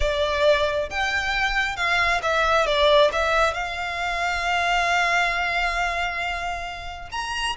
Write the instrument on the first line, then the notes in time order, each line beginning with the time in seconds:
violin
0.00 D5
0.90 G5
1.76 F5
2.22 E5
2.66 D5
3.12 E5
3.53 F5
7.11 A#5